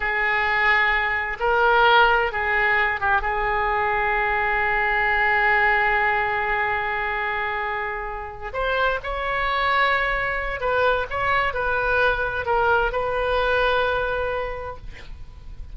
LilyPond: \new Staff \with { instrumentName = "oboe" } { \time 4/4 \tempo 4 = 130 gis'2. ais'4~ | ais'4 gis'4. g'8 gis'4~ | gis'1~ | gis'1~ |
gis'2~ gis'8 c''4 cis''8~ | cis''2. b'4 | cis''4 b'2 ais'4 | b'1 | }